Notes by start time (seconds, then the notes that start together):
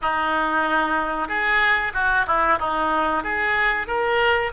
0.01 D#4
1.28 G#4
1.93 F#4
2.26 E4
2.59 D#4
3.23 G#4
3.87 A#4